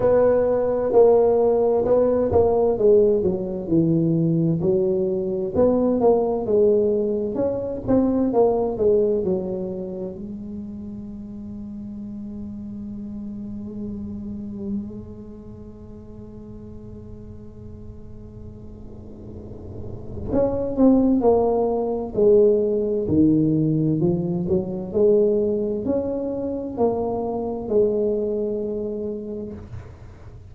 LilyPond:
\new Staff \with { instrumentName = "tuba" } { \time 4/4 \tempo 4 = 65 b4 ais4 b8 ais8 gis8 fis8 | e4 fis4 b8 ais8 gis4 | cis'8 c'8 ais8 gis8 fis4 gis4~ | gis1~ |
gis1~ | gis2 cis'8 c'8 ais4 | gis4 dis4 f8 fis8 gis4 | cis'4 ais4 gis2 | }